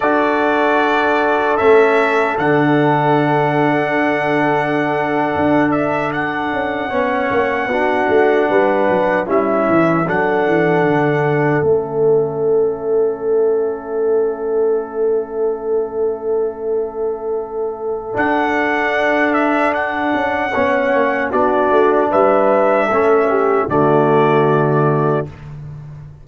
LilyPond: <<
  \new Staff \with { instrumentName = "trumpet" } { \time 4/4 \tempo 4 = 76 d''2 e''4 fis''4~ | fis''2.~ fis''16 e''8 fis''16~ | fis''2.~ fis''8. e''16~ | e''8. fis''2 e''4~ e''16~ |
e''1~ | e''2. fis''4~ | fis''8 e''8 fis''2 d''4 | e''2 d''2 | }
  \new Staff \with { instrumentName = "horn" } { \time 4/4 a'1~ | a'1~ | a'8. cis''4 fis'4 b'4 e'16~ | e'8. a'2.~ a'16~ |
a'1~ | a'1~ | a'2 cis''4 fis'4 | b'4 a'8 g'8 fis'2 | }
  \new Staff \with { instrumentName = "trombone" } { \time 4/4 fis'2 cis'4 d'4~ | d'1~ | d'8. cis'4 d'2 cis'16~ | cis'8. d'2 cis'4~ cis'16~ |
cis'1~ | cis'2. d'4~ | d'2 cis'4 d'4~ | d'4 cis'4 a2 | }
  \new Staff \with { instrumentName = "tuba" } { \time 4/4 d'2 a4 d4~ | d2~ d8. d'4~ d'16~ | d'16 cis'8 b8 ais8 b8 a8 g8 fis8 g16~ | g16 e8 fis8 e8 d4 a4~ a16~ |
a1~ | a2. d'4~ | d'4. cis'8 b8 ais8 b8 a8 | g4 a4 d2 | }
>>